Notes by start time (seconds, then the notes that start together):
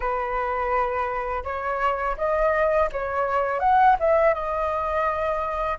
0.00 B4
1.44 C#5
2.17 D#5
2.91 C#5
3.59 F#5
3.99 E5
4.34 D#5